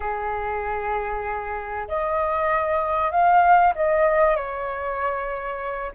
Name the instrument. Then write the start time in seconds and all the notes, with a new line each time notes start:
flute
0.00 G#4
1.88 D#5
3.11 F5
3.75 D#5
4.36 C#5